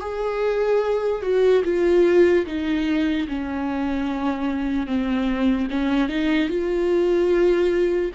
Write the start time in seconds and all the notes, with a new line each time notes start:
0.00 G#4
1.22 F#4
1.64 F4
2.45 D#4
3.28 C#4
4.86 C4
5.70 C#4
6.08 D#4
6.48 F4